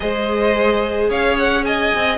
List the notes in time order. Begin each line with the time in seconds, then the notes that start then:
0.00 G#3 G#4 C5 D#5
1.09 C#4 C#5 F5
1.38 F#5
1.64 D#5 G#5
1.94 C4